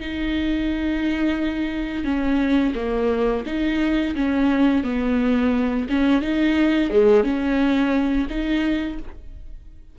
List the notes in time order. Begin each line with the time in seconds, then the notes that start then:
0.00 D#4
2.04 C#4
2.75 A#3
3.46 D#4
4.15 C#4
4.83 B3
5.89 C#4
6.22 D#4
6.90 G#3
7.24 C#4
8.29 D#4